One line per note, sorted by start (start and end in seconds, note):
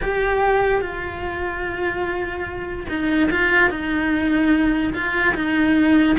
0.02 0.81 G4
0.81 2.86 F4
2.88 3.29 D#4
3.30 3.69 F4
3.69 4.93 D#4
4.93 5.34 F4
5.34 6.16 D#4